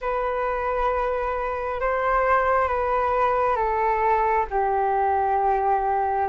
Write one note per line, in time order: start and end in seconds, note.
0.01 1.80 B4
1.80 2.68 C5
2.68 3.56 B4
3.56 4.45 A4
4.50 6.28 G4